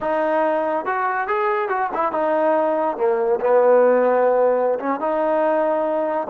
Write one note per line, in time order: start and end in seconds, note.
0.00 0.85 D#4
0.85 1.27 F#4
1.27 1.68 G#4
1.68 1.90 F#4
1.93 2.12 E4
2.12 2.97 D#4
2.97 3.39 A#3
3.40 4.79 B3
4.79 4.99 C#4
4.99 6.27 D#4